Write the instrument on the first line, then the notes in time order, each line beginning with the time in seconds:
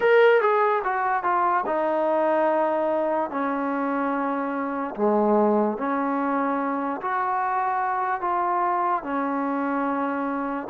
trombone
0.00 A#4
0.41 G#4
0.84 F#4
1.23 F4
1.66 D#4
3.30 C#4
4.95 G#3
5.77 C#4
7.01 F#4
8.20 F4
9.03 C#4